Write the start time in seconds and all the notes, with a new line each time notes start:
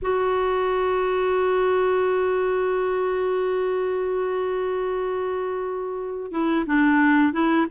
0.02 F#4
6.32 E4
6.66 D4
7.32 E4